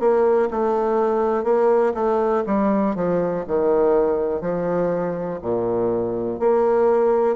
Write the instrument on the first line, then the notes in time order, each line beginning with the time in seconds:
bassoon
0.00 A#3
0.51 A3
1.44 A#3
1.94 A3
2.47 G3
2.96 F3
3.48 D#3
4.41 F3
5.42 A#2
6.40 A#3